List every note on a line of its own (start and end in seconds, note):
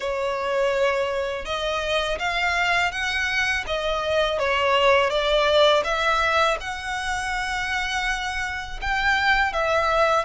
0.00 1.45 C#5
1.45 2.18 D#5
2.19 2.91 F5
2.91 3.64 F#5
3.67 4.38 D#5
4.38 5.10 C#5
5.10 5.83 D5
5.84 6.57 E5
6.60 8.79 F#5
8.81 9.53 G5
9.53 10.24 E5